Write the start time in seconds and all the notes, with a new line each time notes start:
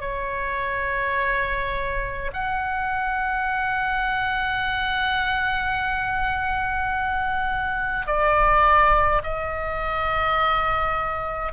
0.00 C#5
2.33 F#5
8.06 D5
9.23 D#5